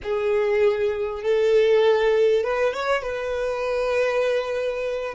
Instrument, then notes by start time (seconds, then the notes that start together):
violin
0.03 G#4
1.22 A4
2.43 B4
2.73 C#5
3.02 B4